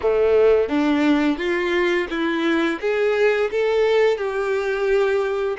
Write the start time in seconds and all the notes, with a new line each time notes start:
0.01 A3
0.68 D4
1.37 F4
2.09 E4
2.80 G#4
3.51 A4
4.17 G4